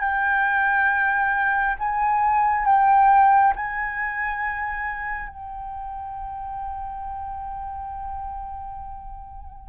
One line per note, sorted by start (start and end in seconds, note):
0.00 1.76 G5
1.79 2.66 G#5
2.66 3.54 G5
3.56 5.29 G#5
5.29 9.69 G5